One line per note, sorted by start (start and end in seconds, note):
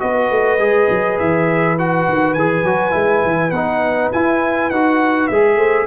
0.00 0.31 B3
0.00 0.59 F#4
0.00 5.57 B4
0.00 1.19 D#5
0.31 0.59 A3
0.59 0.88 G#3
0.59 1.78 G#4
0.90 1.20 F#3
1.19 2.08 E3
1.19 1.78 E5
1.79 2.37 F#4
1.79 2.34 F#5
2.09 2.37 D#3
2.34 2.63 E3
2.34 2.66 G#4
2.34 3.51 G#5
2.63 2.93 F#3
2.63 2.91 F#4
2.91 3.24 G#3
2.91 3.50 E4
3.25 3.52 E3
3.51 4.11 B3
3.51 4.14 D#4
3.51 4.10 F#5
4.13 4.73 E4
4.13 4.71 E4
4.13 4.71 G#5
4.71 5.29 D#4
4.71 5.32 F#4
4.71 5.28 F#5
5.28 5.57 G#3
5.28 5.87 G#4
5.28 5.87 E5
5.57 5.86 A3
5.57 5.87 C5